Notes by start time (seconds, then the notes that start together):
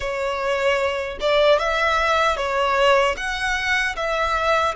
0.00 C#5
1.20 D5
1.58 E5
2.36 C#5
3.16 F#5
3.95 E5